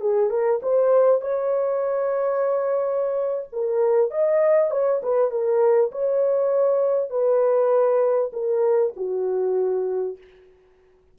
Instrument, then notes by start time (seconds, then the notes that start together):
horn
0.00 G#4
0.30 A#4
0.62 C5
1.21 C#5
3.52 A#4
4.10 D#5
4.70 C#5
5.02 B4
5.30 A#4
5.91 C#5
7.10 B4
8.33 A#4
8.96 F#4